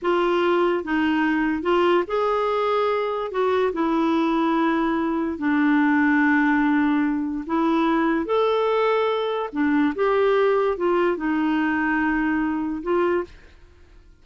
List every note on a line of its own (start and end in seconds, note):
0.02 0.84 F4
0.84 1.62 D#4
1.62 2.04 F4
2.07 3.31 G#4
3.31 3.72 F#4
3.72 5.38 E4
5.38 7.45 D4
7.46 8.25 E4
8.25 9.49 A4
9.52 9.93 D4
9.95 10.77 G4
10.77 11.16 F4
11.16 12.82 D#4
12.82 13.24 F4